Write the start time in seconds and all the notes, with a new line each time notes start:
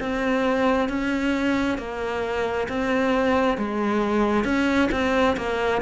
0.00 C4
0.89 C#4
1.78 A#3
2.68 C4
3.58 G#3
4.45 C#4
4.91 C4
5.37 A#3